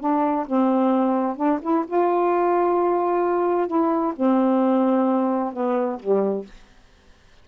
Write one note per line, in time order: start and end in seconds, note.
0.00 0.46 D4
0.47 1.36 C4
1.36 1.59 D4
1.62 1.85 E4
1.87 3.67 F4
3.67 4.13 E4
4.16 5.53 C4
5.53 5.99 B3
5.99 6.46 G3